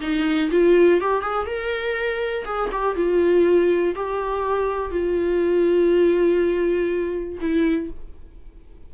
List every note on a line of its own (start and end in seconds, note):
0.00 0.50 D#4
0.51 1.00 F4
1.00 1.21 G4
1.21 1.46 G#4
1.46 2.45 A#4
2.45 2.69 G#4
2.72 2.96 G4
2.96 3.95 F4
3.95 4.91 G4
4.91 7.39 F4
7.40 7.90 E4